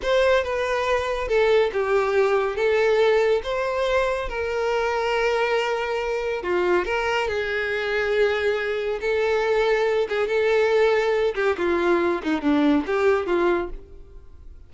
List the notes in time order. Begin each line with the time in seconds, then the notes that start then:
0.02 C5
0.43 B4
1.28 A4
1.72 G4
2.55 A4
3.43 C5
4.28 A#4
6.42 F4
6.85 A#4
7.28 G#4
9.01 A4
10.08 G#4
10.27 A4
11.35 G4
11.57 F4
12.23 D#4
12.41 D4
12.86 G4
13.26 F4